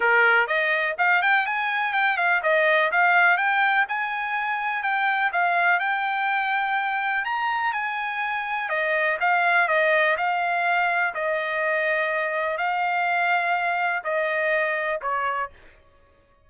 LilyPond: \new Staff \with { instrumentName = "trumpet" } { \time 4/4 \tempo 4 = 124 ais'4 dis''4 f''8 g''8 gis''4 | g''8 f''8 dis''4 f''4 g''4 | gis''2 g''4 f''4 | g''2. ais''4 |
gis''2 dis''4 f''4 | dis''4 f''2 dis''4~ | dis''2 f''2~ | f''4 dis''2 cis''4 | }